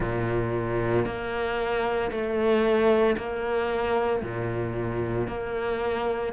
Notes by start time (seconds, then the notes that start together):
0.00 A#2
1.05 A#3
2.11 A3
3.17 A#3
4.22 A#2
5.27 A#3